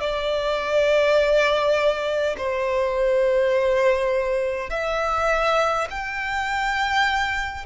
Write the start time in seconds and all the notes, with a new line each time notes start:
0.00 D5
2.37 C5
4.70 E5
5.90 G5